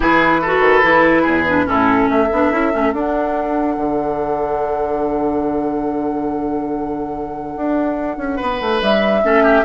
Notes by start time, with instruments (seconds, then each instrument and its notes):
0.00 bassoon E3, clarinet E4, oboe G#4, flute B4
0.41 clarinet F#4, oboe A4
0.60 bassoon D#3
0.82 bassoon E3, clarinet E4
1.22 bassoon E2, oboe G#4
1.48 clarinet D4
1.65 bassoon A2, clarinet C#4, oboe E4, flute A4
2.08 bassoon A3, oboe A4, flute E5
2.32 bassoon B3, clarinet D4
2.52 bassoon C#4, clarinet E4
2.72 bassoon A3, clarinet C#4
2.92 clarinet D4, bassoon D4, flute F#5
3.77 bassoon D3
7.56 bassoon D4
8.17 bassoon C#4
8.36 bassoon B3, oboe B4
8.61 bassoon A3
8.81 bassoon G3, flute E5
9.23 bassoon A3, clarinet C#4, oboe A4
9.43 oboe G4